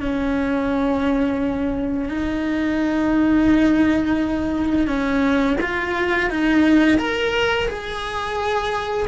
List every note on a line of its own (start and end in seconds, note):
0.00 2.09 C#4
2.09 4.87 D#4
4.87 5.57 C#4
5.61 6.30 F4
6.30 6.98 D#4
6.98 7.68 A#4
7.68 9.07 G#4